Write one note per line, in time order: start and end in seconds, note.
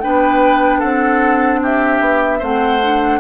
0.00 0.82 B3
0.00 2.41 D4
0.00 0.79 B4
0.00 0.80 G5
0.79 2.01 C4
0.79 1.59 A4
0.79 1.60 F#5
1.62 2.39 G4
1.62 2.44 E5
2.01 2.41 B3
2.39 3.20 A3
2.39 2.81 C4
2.39 3.19 C5
2.39 3.20 F#5
2.82 3.20 D4